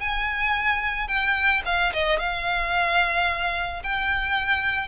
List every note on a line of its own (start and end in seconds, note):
0.00 1.08 G#5
1.08 1.62 G5
1.65 1.93 F5
1.93 2.19 D#5
2.19 3.82 F5
3.84 4.88 G5